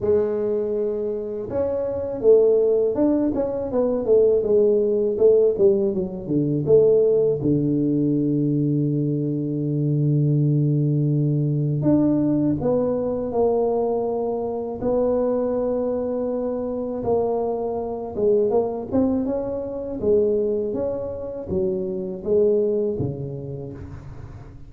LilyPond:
\new Staff \with { instrumentName = "tuba" } { \time 4/4 \tempo 4 = 81 gis2 cis'4 a4 | d'8 cis'8 b8 a8 gis4 a8 g8 | fis8 d8 a4 d2~ | d1 |
d'4 b4 ais2 | b2. ais4~ | ais8 gis8 ais8 c'8 cis'4 gis4 | cis'4 fis4 gis4 cis4 | }